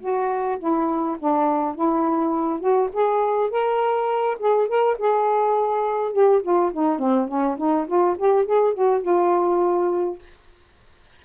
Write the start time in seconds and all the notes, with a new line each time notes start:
0.00 F#4
0.59 E4
1.19 D4
1.75 E4
2.60 F#4
2.93 G#4
3.50 A#4
4.39 G#4
4.68 A#4
4.98 G#4
6.12 G4
6.42 F4
6.72 D#4
6.98 C4
7.28 C#4
7.57 D#4
7.87 F4
8.18 G4
8.45 G#4
8.74 F#4
9.02 F4